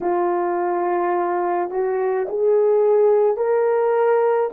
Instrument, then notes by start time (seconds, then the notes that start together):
horn
0.01 F4
1.70 F#4
2.28 G#4
3.37 A#4